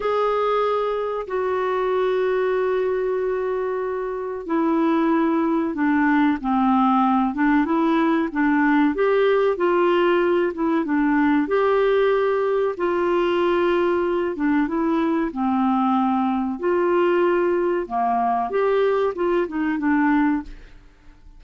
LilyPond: \new Staff \with { instrumentName = "clarinet" } { \time 4/4 \tempo 4 = 94 gis'2 fis'2~ | fis'2. e'4~ | e'4 d'4 c'4. d'8 | e'4 d'4 g'4 f'4~ |
f'8 e'8 d'4 g'2 | f'2~ f'8 d'8 e'4 | c'2 f'2 | ais4 g'4 f'8 dis'8 d'4 | }